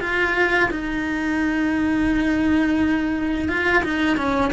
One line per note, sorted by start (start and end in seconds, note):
0.00 0.70 F4
0.71 3.49 D#4
3.49 3.83 F4
3.84 4.17 D#4
4.17 4.52 C#4